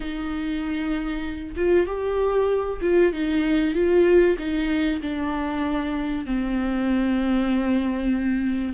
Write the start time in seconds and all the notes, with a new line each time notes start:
0.00 D#4
1.56 F4
1.86 G4
2.81 F4
3.12 D#4
3.74 F4
4.38 D#4
5.01 D4
6.25 C4